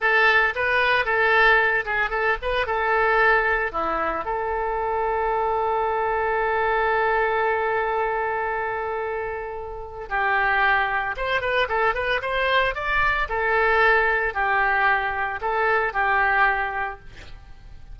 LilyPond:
\new Staff \with { instrumentName = "oboe" } { \time 4/4 \tempo 4 = 113 a'4 b'4 a'4. gis'8 | a'8 b'8 a'2 e'4 | a'1~ | a'1~ |
a'2. g'4~ | g'4 c''8 b'8 a'8 b'8 c''4 | d''4 a'2 g'4~ | g'4 a'4 g'2 | }